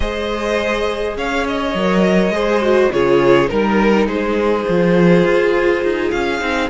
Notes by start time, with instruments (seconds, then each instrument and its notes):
0.00 cello G#3, viola G#4, violin C5 D#5
1.16 cello C#4, violin C#5 F5
1.47 violin D#5
1.74 cello F#3, viola A#4
2.29 cello G#3, viola G#4, violin C5
2.62 viola F#4
2.92 cello C#3, viola F4, violin G#4 C#5
3.47 cello G3, viola D#4, violin A#4
4.07 cello G#3, violin G#4 C5
4.68 cello F3, viola F4
5.24 cello F4
5.82 cello D#4
6.10 cello C#4, violin F5
6.39 cello C4, viola D#4